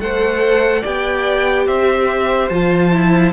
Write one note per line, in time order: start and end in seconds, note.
0.00 0.83 A3
0.00 0.84 A4
0.00 0.82 C5
0.00 0.84 F#5
0.82 1.68 B3
0.82 2.51 G4
0.82 1.65 D5
0.82 1.67 G5
1.67 2.51 C4
1.67 3.33 C5
1.67 2.49 E5
2.49 3.33 F3
2.49 2.93 F4
2.49 3.33 A5
2.93 3.33 E4